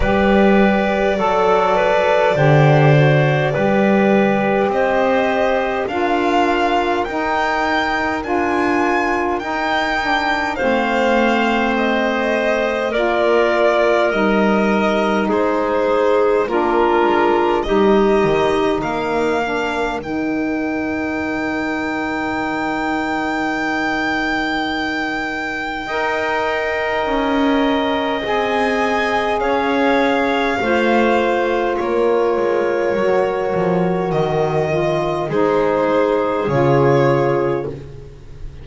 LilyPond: <<
  \new Staff \with { instrumentName = "violin" } { \time 4/4 \tempo 4 = 51 d''1 | dis''4 f''4 g''4 gis''4 | g''4 f''4 dis''4 d''4 | dis''4 c''4 ais'4 dis''4 |
f''4 g''2.~ | g''1 | gis''4 f''2 cis''4~ | cis''4 dis''4 c''4 cis''4 | }
  \new Staff \with { instrumentName = "clarinet" } { \time 4/4 b'4 a'8 b'8 c''4 b'4 | c''4 ais'2.~ | ais'4 c''2 ais'4~ | ais'4 gis'4 f'4 g'4 |
ais'1~ | ais'2 dis''2~ | dis''4 cis''4 c''4 ais'4~ | ais'2 gis'2 | }
  \new Staff \with { instrumentName = "saxophone" } { \time 4/4 g'4 a'4 g'8 fis'8 g'4~ | g'4 f'4 dis'4 f'4 | dis'8 d'8 c'2 f'4 | dis'2 d'4 dis'4~ |
dis'8 d'8 dis'2.~ | dis'2 ais'2 | gis'2 f'2 | fis'4. f'8 dis'4 f'4 | }
  \new Staff \with { instrumentName = "double bass" } { \time 4/4 g4 fis4 d4 g4 | c'4 d'4 dis'4 d'4 | dis'4 a2 ais4 | g4 gis4 ais8 gis8 g8 dis8 |
ais4 dis2.~ | dis2 dis'4 cis'4 | c'4 cis'4 a4 ais8 gis8 | fis8 f8 dis4 gis4 cis4 | }
>>